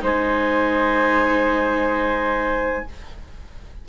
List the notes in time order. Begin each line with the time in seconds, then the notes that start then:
0.00 G#3 D#4 C5 G#5